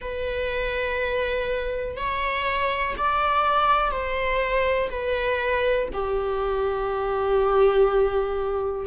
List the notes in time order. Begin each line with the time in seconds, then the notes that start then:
0.01 B4
1.96 C#5
2.97 D5
3.91 C5
4.90 B4
5.93 G4